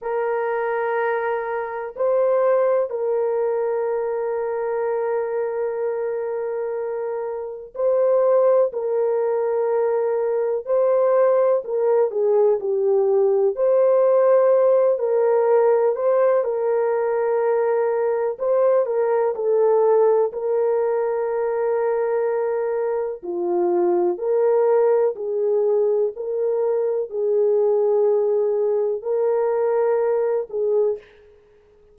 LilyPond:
\new Staff \with { instrumentName = "horn" } { \time 4/4 \tempo 4 = 62 ais'2 c''4 ais'4~ | ais'1 | c''4 ais'2 c''4 | ais'8 gis'8 g'4 c''4. ais'8~ |
ais'8 c''8 ais'2 c''8 ais'8 | a'4 ais'2. | f'4 ais'4 gis'4 ais'4 | gis'2 ais'4. gis'8 | }